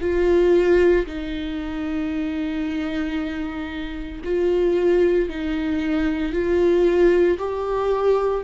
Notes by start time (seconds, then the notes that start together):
0.00 F4
1.06 D#4
4.24 F4
5.29 D#4
6.32 F4
7.38 G4